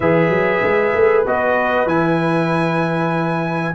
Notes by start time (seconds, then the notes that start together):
0.00 E3 G#4 B4 E5
0.29 F#3
0.62 G#3
0.94 A3
1.25 B3 F#4 D#5
1.86 E3 E4 G#5